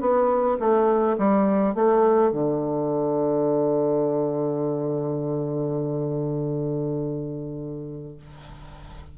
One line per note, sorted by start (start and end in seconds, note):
0.00 0.57 B3
0.59 1.16 A3
1.18 1.75 G3
1.75 2.32 A3
2.32 8.17 D3